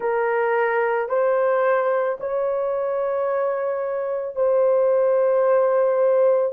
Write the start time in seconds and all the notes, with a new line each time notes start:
0.00 A#4
1.09 C5
2.20 C#5
4.35 C5